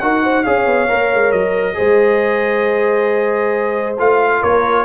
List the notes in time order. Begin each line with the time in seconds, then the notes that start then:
0.00 D#4 F#4 A#4 F#5
0.23 C5
0.44 C#4 G#4 C#5 F5
0.66 B3
0.89 A#3 A#4
1.14 G#3
1.32 F#3 D#5
1.74 G#3 G#4 C5
3.99 A3 F4 F5
4.40 A#3 A#4 C#5